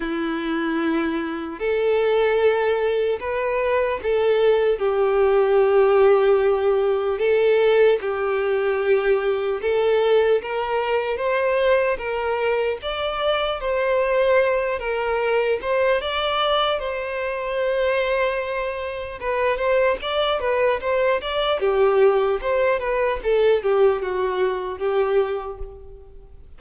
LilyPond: \new Staff \with { instrumentName = "violin" } { \time 4/4 \tempo 4 = 75 e'2 a'2 | b'4 a'4 g'2~ | g'4 a'4 g'2 | a'4 ais'4 c''4 ais'4 |
d''4 c''4. ais'4 c''8 | d''4 c''2. | b'8 c''8 d''8 b'8 c''8 d''8 g'4 | c''8 b'8 a'8 g'8 fis'4 g'4 | }